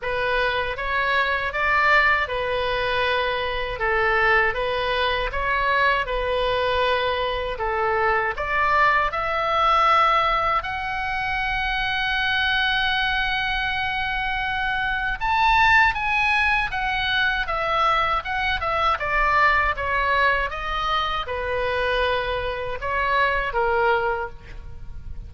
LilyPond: \new Staff \with { instrumentName = "oboe" } { \time 4/4 \tempo 4 = 79 b'4 cis''4 d''4 b'4~ | b'4 a'4 b'4 cis''4 | b'2 a'4 d''4 | e''2 fis''2~ |
fis''1 | a''4 gis''4 fis''4 e''4 | fis''8 e''8 d''4 cis''4 dis''4 | b'2 cis''4 ais'4 | }